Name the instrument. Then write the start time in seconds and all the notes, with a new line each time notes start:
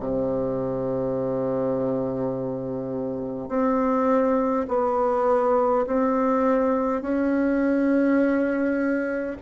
bassoon
0.00 C3
3.49 C4
4.69 B3
5.87 C4
7.02 C#4